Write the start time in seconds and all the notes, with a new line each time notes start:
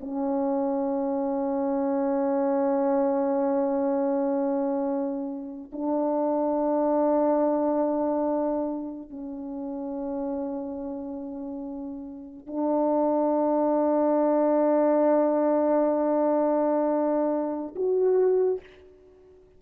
0.00 C#4
5.72 D4
9.10 C#4
12.46 D4
17.75 F#4